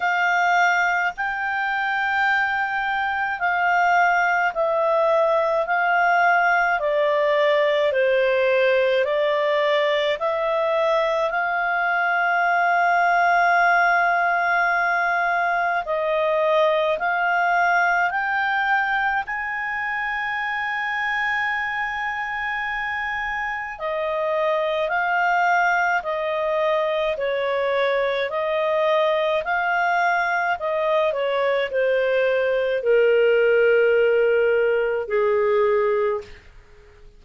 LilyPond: \new Staff \with { instrumentName = "clarinet" } { \time 4/4 \tempo 4 = 53 f''4 g''2 f''4 | e''4 f''4 d''4 c''4 | d''4 e''4 f''2~ | f''2 dis''4 f''4 |
g''4 gis''2.~ | gis''4 dis''4 f''4 dis''4 | cis''4 dis''4 f''4 dis''8 cis''8 | c''4 ais'2 gis'4 | }